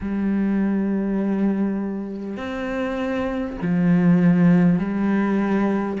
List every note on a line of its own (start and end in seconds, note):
0.00 2.36 G3
2.36 3.56 C4
3.62 4.78 F3
4.78 5.98 G3